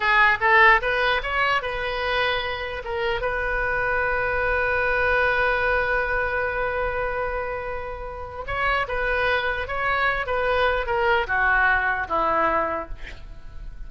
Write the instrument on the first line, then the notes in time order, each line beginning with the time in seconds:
oboe
0.00 G#4
0.40 A4
0.81 B4
1.22 C#5
1.61 B4
2.84 A#4
3.21 B4
8.46 C#5
8.88 B4
9.67 C#5
10.26 B4
10.86 A#4
11.27 F#4
12.08 E4